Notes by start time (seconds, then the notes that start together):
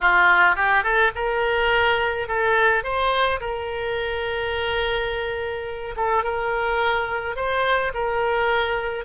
0.00 F4
0.55 G4
0.83 A4
1.15 A#4
2.28 A4
2.83 C5
3.40 A#4
5.96 A4
6.23 A#4
7.36 C5
7.94 A#4